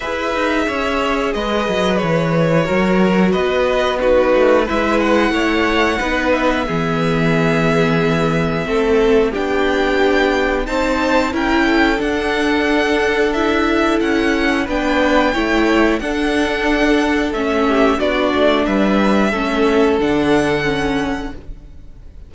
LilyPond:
<<
  \new Staff \with { instrumentName = "violin" } { \time 4/4 \tempo 4 = 90 e''2 dis''4 cis''4~ | cis''4 dis''4 b'4 e''8 fis''8~ | fis''4. e''2~ e''8~ | e''2 g''2 |
a''4 g''4 fis''2 | e''4 fis''4 g''2 | fis''2 e''4 d''4 | e''2 fis''2 | }
  \new Staff \with { instrumentName = "violin" } { \time 4/4 b'4 cis''4 b'2 | ais'4 b'4 fis'4 b'4 | cis''4 b'4 gis'2~ | gis'4 a'4 g'2 |
c''4 ais'8 a'2~ a'8~ | a'2 b'4 cis''4 | a'2~ a'8 g'8 fis'4 | b'4 a'2. | }
  \new Staff \with { instrumentName = "viola" } { \time 4/4 gis'1 | fis'2 dis'4 e'4~ | e'4 dis'4 b2~ | b4 c'4 d'2 |
dis'4 e'4 d'2 | e'2 d'4 e'4 | d'2 cis'4 d'4~ | d'4 cis'4 d'4 cis'4 | }
  \new Staff \with { instrumentName = "cello" } { \time 4/4 e'8 dis'8 cis'4 gis8 fis8 e4 | fis4 b4. a8 gis4 | a4 b4 e2~ | e4 a4 b2 |
c'4 cis'4 d'2~ | d'4 cis'4 b4 a4 | d'2 a4 b8 a8 | g4 a4 d2 | }
>>